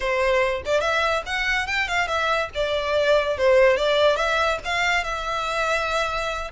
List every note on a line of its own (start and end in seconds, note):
0.00 0.62 C5
0.65 0.81 D5
0.81 1.23 E5
1.26 1.66 F#5
1.66 1.87 G5
1.88 2.07 F5
2.07 2.49 E5
2.54 3.37 D5
3.37 3.76 C5
3.76 4.16 D5
4.16 4.58 E5
4.65 5.04 F5
5.04 6.51 E5